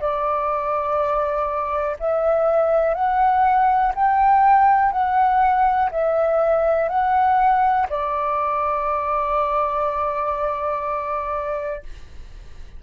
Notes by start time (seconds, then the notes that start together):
0.00 D5
1.99 E5
2.94 F#5
3.95 G5
4.92 F#5
5.91 E5
6.89 F#5
7.90 D5